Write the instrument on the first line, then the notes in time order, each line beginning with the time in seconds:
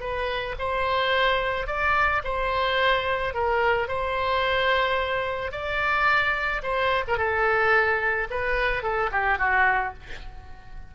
oboe
0.00 B4
0.58 C5
1.67 D5
2.24 C5
3.34 A#4
3.88 C5
5.51 D5
6.62 C5
7.07 A#4
7.17 A4
8.30 B4
8.82 A4
9.11 G4
9.38 F#4